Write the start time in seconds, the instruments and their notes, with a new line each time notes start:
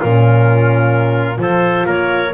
0.00 double bass A#2, horn C#4, trumpet F4, clarinet A#4
1.36 double bass F3, horn F4, trumpet A4, clarinet C5
1.86 double bass A#3, trumpet A#4, clarinet C#5